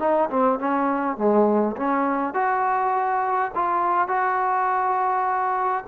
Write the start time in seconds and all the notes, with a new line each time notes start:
0.00 D#4
0.30 C4
0.60 C#4
1.17 G#3
1.77 C#4
2.34 F#4
3.55 F4
4.09 F#4